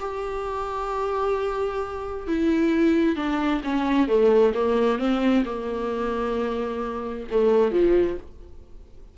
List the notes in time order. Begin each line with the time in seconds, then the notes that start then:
0.00 G4
2.27 E4
3.16 D4
3.64 C#4
4.08 A3
4.54 A#3
4.99 C4
5.45 A#3
7.31 A3
7.71 F3